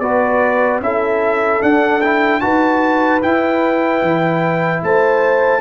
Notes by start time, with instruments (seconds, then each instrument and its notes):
0.00 tuba B3, trombone F#4, horn B4, trumpet D5
0.81 tuba C#4, trombone E4, horn A4, trumpet E5
1.62 trombone D4, tuba D4, trumpet F#5
2.02 trombone E4, trumpet G5
2.41 tuba D#4, trombone F#4, horn B4, trumpet A5
3.22 trombone E4, tuba E4, trumpet G5
4.03 tuba E3
4.83 tuba A3, horn C5, trumpet A5